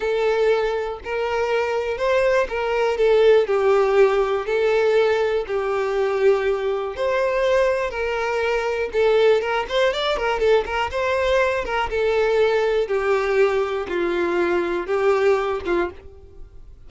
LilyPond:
\new Staff \with { instrumentName = "violin" } { \time 4/4 \tempo 4 = 121 a'2 ais'2 | c''4 ais'4 a'4 g'4~ | g'4 a'2 g'4~ | g'2 c''2 |
ais'2 a'4 ais'8 c''8 | d''8 ais'8 a'8 ais'8 c''4. ais'8 | a'2 g'2 | f'2 g'4. f'8 | }